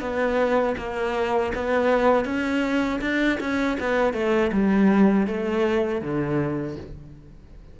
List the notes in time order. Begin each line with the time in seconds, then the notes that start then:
0.00 B3
0.77 A#3
1.54 B3
2.25 C#4
3.01 D4
3.40 C#4
3.79 B3
4.13 A3
4.52 G3
5.27 A3
6.01 D3